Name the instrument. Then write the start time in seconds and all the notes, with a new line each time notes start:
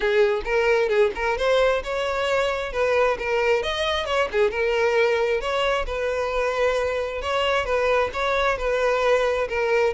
violin
0.00 G#4
0.44 A#4
0.88 G#4
1.15 A#4
1.37 C5
1.83 C#5
2.72 B4
3.18 A#4
3.62 D#5
4.05 C#5
4.32 G#4
4.51 A#4
5.40 C#5
5.86 B4
7.21 C#5
7.65 B4
8.13 C#5
8.57 B4
9.48 A#4